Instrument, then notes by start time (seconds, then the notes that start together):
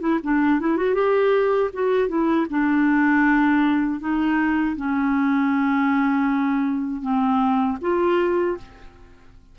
clarinet
0.00 E4
0.23 D4
0.60 E4
0.77 F#4
0.94 G4
1.73 F#4
2.08 E4
2.50 D4
4.00 D#4
4.76 C#4
7.01 C4
7.81 F4